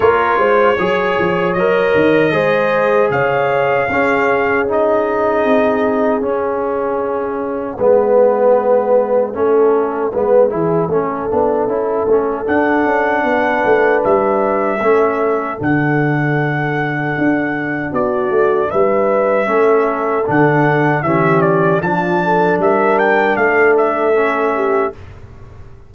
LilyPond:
<<
  \new Staff \with { instrumentName = "trumpet" } { \time 4/4 \tempo 4 = 77 cis''2 dis''2 | f''2 dis''2 | e''1~ | e''1 |
fis''2 e''2 | fis''2. d''4 | e''2 fis''4 e''8 d''8 | a''4 e''8 g''8 f''8 e''4. | }
  \new Staff \with { instrumentName = "horn" } { \time 4/4 ais'8 c''8 cis''2 c''4 | cis''4 gis'2.~ | gis'2 b'2 | a'4 b'8 gis'8 a'2~ |
a'4 b'2 a'4~ | a'2. fis'4 | b'4 a'2 g'4 | f'8 a'8 ais'4 a'4. g'8 | }
  \new Staff \with { instrumentName = "trombone" } { \time 4/4 f'4 gis'4 ais'4 gis'4~ | gis'4 cis'4 dis'2 | cis'2 b2 | cis'4 b8 e'8 cis'8 d'8 e'8 cis'8 |
d'2. cis'4 | d'1~ | d'4 cis'4 d'4 cis'4 | d'2. cis'4 | }
  \new Staff \with { instrumentName = "tuba" } { \time 4/4 ais8 gis8 fis8 f8 fis8 dis8 gis4 | cis4 cis'2 c'4 | cis'2 gis2 | a4 gis8 e8 a8 b8 cis'8 a8 |
d'8 cis'8 b8 a8 g4 a4 | d2 d'4 b8 a8 | g4 a4 d4 e4 | f4 g4 a2 | }
>>